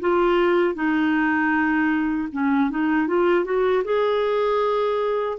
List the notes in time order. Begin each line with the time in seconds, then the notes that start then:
0.00 F4
0.74 D#4
2.32 C#4
2.70 D#4
3.07 F4
3.45 F#4
3.84 G#4